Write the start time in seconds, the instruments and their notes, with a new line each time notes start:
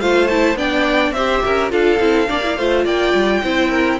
0.00 cello A3, viola F4, violin C5 F5
0.27 viola E4, violin A5
0.55 cello B3, viola D4, violin D5 G5
1.11 cello C4, viola G4, violin C5 E5
1.44 cello C#4, violin A#4
1.69 cello D4, viola F4, violin A4 F5
1.99 cello C4, viola E4
2.28 cello A#3, viola D4, violin D5
2.42 viola E4
2.56 cello A3, viola F4, violin C5
2.84 cello A#3, violin D5 G5
3.14 cello G3
3.42 cello C4, viola E4, violin C5
3.69 violin A#4